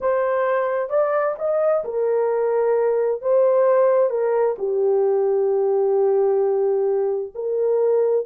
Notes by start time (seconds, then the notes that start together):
0.00 C5
0.89 D5
1.38 D#5
1.84 A#4
3.21 C5
4.10 A#4
4.58 G4
7.34 A#4